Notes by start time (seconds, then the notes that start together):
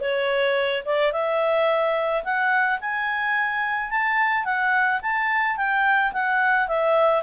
0.00 C#5
0.85 D5
1.12 E5
2.24 F#5
2.80 G#5
3.90 A5
4.45 F#5
5.02 A5
5.57 G5
6.13 F#5
6.68 E5